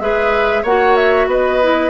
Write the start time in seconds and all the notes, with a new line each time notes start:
0.00 G#3 G#4 B4 E5
0.63 A#3 F#4 C#5 F#5
0.96 E5
1.27 B3 B4 D#5
1.63 E4